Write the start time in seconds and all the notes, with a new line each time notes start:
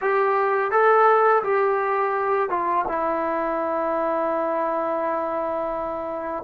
0.01 G4
0.71 A4
1.43 G4
2.49 F4
2.88 E4